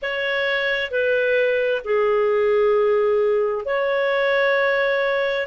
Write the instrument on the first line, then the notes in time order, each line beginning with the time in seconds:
clarinet
0.02 C#5
0.90 B4
1.84 G#4
3.65 C#5